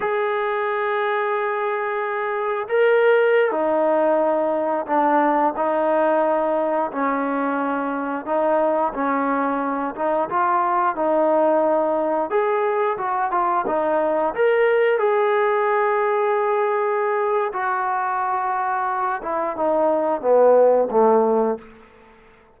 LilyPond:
\new Staff \with { instrumentName = "trombone" } { \time 4/4 \tempo 4 = 89 gis'1 | ais'4~ ais'16 dis'2 d'8.~ | d'16 dis'2 cis'4.~ cis'16~ | cis'16 dis'4 cis'4. dis'8 f'8.~ |
f'16 dis'2 gis'4 fis'8 f'16~ | f'16 dis'4 ais'4 gis'4.~ gis'16~ | gis'2 fis'2~ | fis'8 e'8 dis'4 b4 a4 | }